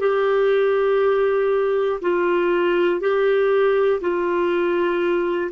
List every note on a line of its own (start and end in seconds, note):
0.00 2.00 G4
2.01 3.00 F4
3.00 4.00 G4
4.01 5.51 F4